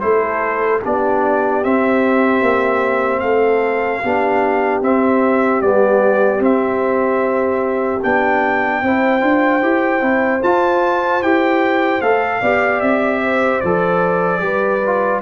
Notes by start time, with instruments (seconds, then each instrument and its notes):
0.00 tuba A3, trombone E4, horn A4, trumpet C5
0.82 tuba B3, trombone D4, horn G4, trumpet D5
1.64 trombone C4, tuba C4, trumpet E5
2.42 tuba A#3
3.20 tuba A3, horn A4, trumpet F5
4.03 tuba B3, trombone D4, horn G4
4.82 tuba C4, trombone C4, trumpet E5
5.62 tuba G3, trombone B3, trumpet D5
6.40 tuba C4, trombone C4, trumpet E5
8.03 tuba B3, trombone D4, trumpet G5
8.83 tuba C4, trombone E4, horn C5
9.21 tuba D4, trombone F4
9.62 tuba E4, trombone G4
10.01 tuba C4, trombone E4
10.43 tuba F4, trombone F4, trumpet A5
11.23 tuba E4, trombone G4, trumpet G5
12.02 tuba A3, trombone A4, trumpet F5
12.41 tuba B3, trombone G4, horn D5
12.81 tuba C4, trumpet E5
13.24 horn C5
13.61 tuba F3, trombone A4, trumpet D5
14.41 tuba G3, trombone G4, horn B4
14.87 trombone F4